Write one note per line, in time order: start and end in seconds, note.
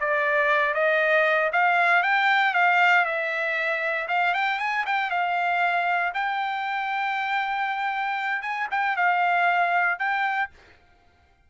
0.00 0.74 D5
0.74 1.51 D#5
1.52 2.03 F5
2.03 2.54 G5
2.54 3.05 F5
3.05 4.08 E5
4.08 4.34 F5
4.34 4.59 G5
4.59 4.85 G#5
4.86 5.10 G5
5.10 6.13 F5
6.14 8.42 G5
8.42 8.68 G#5
8.71 8.96 G5
8.96 9.99 F5
9.99 10.50 G5